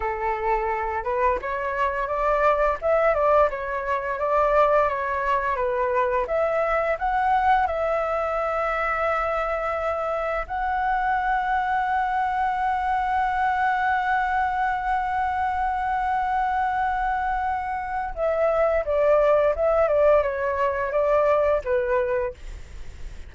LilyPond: \new Staff \with { instrumentName = "flute" } { \time 4/4 \tempo 4 = 86 a'4. b'8 cis''4 d''4 | e''8 d''8 cis''4 d''4 cis''4 | b'4 e''4 fis''4 e''4~ | e''2. fis''4~ |
fis''1~ | fis''1~ | fis''2 e''4 d''4 | e''8 d''8 cis''4 d''4 b'4 | }